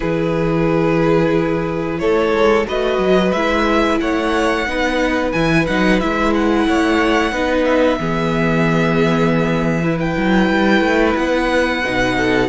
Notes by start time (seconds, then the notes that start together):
0.00 E3 E4 G#4 B4
1.99 A3 A4 C#5
2.32 G#3
2.65 A3 F#4 B4 D#5
2.98 F#3
3.31 G#3 E4 E5
4.00 A3 C#5 F#5
4.66 B3 D#4 B4
5.32 E3 E4 G#5
5.66 F#3 D#4 F#5
5.99 G#3 E4 E5
6.34 F#5
6.67 A3 C#5
7.32 B3 D#4 B4
7.64 E5
7.99 E3 B3 G#4
9.82 E4 B4
10.00 G5
10.17 F#3
10.49 G3
10.81 A3
11.16 B3 F#5
11.83 B2 D#4
12.17 A4